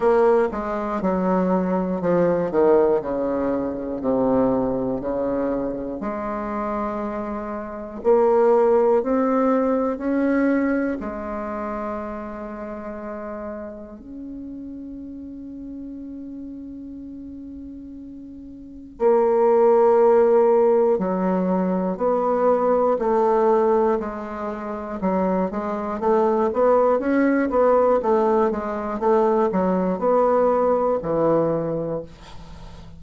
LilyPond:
\new Staff \with { instrumentName = "bassoon" } { \time 4/4 \tempo 4 = 60 ais8 gis8 fis4 f8 dis8 cis4 | c4 cis4 gis2 | ais4 c'4 cis'4 gis4~ | gis2 cis'2~ |
cis'2. ais4~ | ais4 fis4 b4 a4 | gis4 fis8 gis8 a8 b8 cis'8 b8 | a8 gis8 a8 fis8 b4 e4 | }